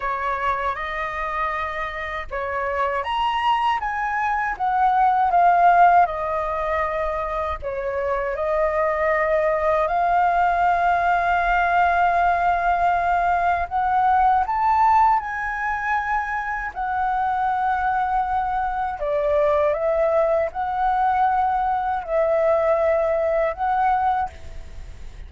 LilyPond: \new Staff \with { instrumentName = "flute" } { \time 4/4 \tempo 4 = 79 cis''4 dis''2 cis''4 | ais''4 gis''4 fis''4 f''4 | dis''2 cis''4 dis''4~ | dis''4 f''2.~ |
f''2 fis''4 a''4 | gis''2 fis''2~ | fis''4 d''4 e''4 fis''4~ | fis''4 e''2 fis''4 | }